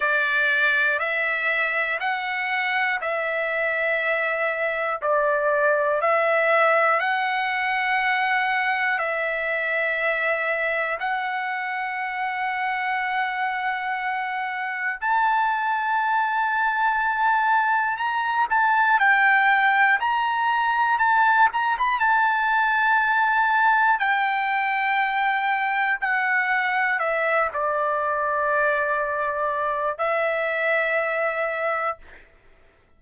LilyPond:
\new Staff \with { instrumentName = "trumpet" } { \time 4/4 \tempo 4 = 60 d''4 e''4 fis''4 e''4~ | e''4 d''4 e''4 fis''4~ | fis''4 e''2 fis''4~ | fis''2. a''4~ |
a''2 ais''8 a''8 g''4 | ais''4 a''8 ais''16 b''16 a''2 | g''2 fis''4 e''8 d''8~ | d''2 e''2 | }